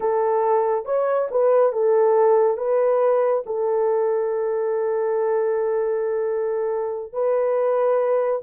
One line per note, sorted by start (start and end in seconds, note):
0.00 0.85 A4
0.85 1.28 C#5
1.30 1.72 B4
1.72 2.57 A4
2.57 3.43 B4
3.46 7.12 A4
7.12 8.42 B4